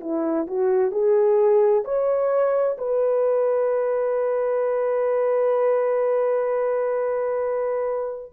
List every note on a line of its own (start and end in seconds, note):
0.00 0.46 E4
0.47 0.91 F#4
0.91 1.83 G#4
1.84 2.77 C#5
2.77 8.31 B4